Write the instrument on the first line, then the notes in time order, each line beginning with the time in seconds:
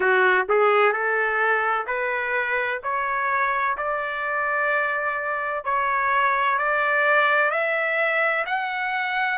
trumpet
0.00 F#4
0.49 G#4
0.92 A4
1.87 B4
2.83 C#5
3.77 D5
5.64 C#5
6.58 D5
7.50 E5
8.45 F#5